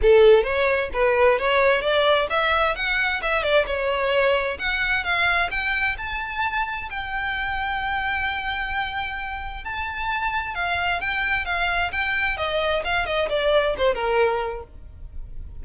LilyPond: \new Staff \with { instrumentName = "violin" } { \time 4/4 \tempo 4 = 131 a'4 cis''4 b'4 cis''4 | d''4 e''4 fis''4 e''8 d''8 | cis''2 fis''4 f''4 | g''4 a''2 g''4~ |
g''1~ | g''4 a''2 f''4 | g''4 f''4 g''4 dis''4 | f''8 dis''8 d''4 c''8 ais'4. | }